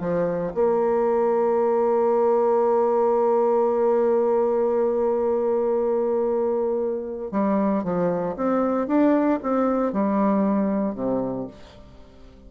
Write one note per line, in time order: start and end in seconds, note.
0.00 0.52 F3
0.54 7.31 A#3
7.31 7.83 G3
7.83 8.35 F3
8.35 8.87 C4
8.87 9.39 D4
9.42 9.92 C4
9.92 10.94 G3
10.94 11.46 C3